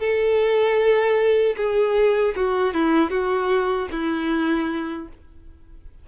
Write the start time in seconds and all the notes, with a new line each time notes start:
0.00 A4
1.57 G#4
2.36 F#4
2.74 E4
3.10 F#4
3.91 E4